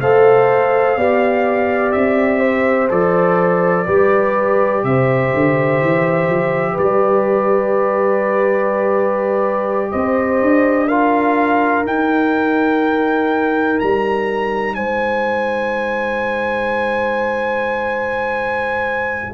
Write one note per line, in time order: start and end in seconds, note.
0.00 0.97 A3
0.00 0.99 A4
0.00 0.97 C5
0.00 1.92 F5
0.97 1.93 B3
0.97 2.89 G4
0.97 2.40 D5
1.92 2.91 C4
1.92 2.89 E5
2.40 3.85 C5
2.89 3.87 F3
2.89 3.86 A4
2.89 4.84 D5
3.86 4.84 G3
3.86 10.89 G4
3.86 4.83 B4
4.84 5.32 C3
4.84 6.73 C5
4.84 6.78 E5
5.34 5.82 D3
5.82 6.29 E3
6.29 6.77 F3
6.73 9.93 G3
6.73 9.88 B4
6.73 9.91 D5
9.91 10.42 C4
9.91 10.88 C5
9.91 10.88 D#5
10.42 11.86 D4
10.88 11.84 F4
10.88 14.75 A#4
10.88 11.85 F5
11.84 19.34 D#4
11.84 13.80 D#4
11.84 13.80 G5
13.80 14.76 G3
13.80 14.75 A#5
14.75 19.34 G#3
14.75 19.34 C5
14.75 19.34 G#5